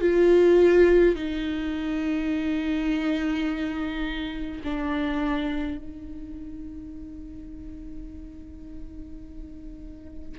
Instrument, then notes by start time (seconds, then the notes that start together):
viola
0.00 F4
1.15 D#4
4.64 D4
5.77 D#4